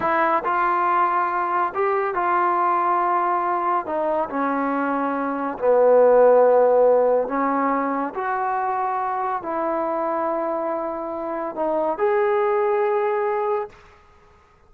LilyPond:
\new Staff \with { instrumentName = "trombone" } { \time 4/4 \tempo 4 = 140 e'4 f'2. | g'4 f'2.~ | f'4 dis'4 cis'2~ | cis'4 b2.~ |
b4 cis'2 fis'4~ | fis'2 e'2~ | e'2. dis'4 | gis'1 | }